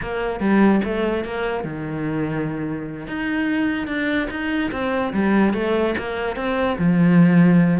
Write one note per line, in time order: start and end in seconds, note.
0.01 0.40 A#3
0.40 0.81 G3
0.84 1.24 A3
1.24 1.64 A#3
1.64 3.07 D#3
3.07 3.87 D#4
3.87 4.28 D4
4.30 4.71 D#4
4.71 5.12 C4
5.13 5.53 G3
5.53 5.94 A3
5.98 6.36 A#3
6.36 6.77 C4
6.78 7.80 F3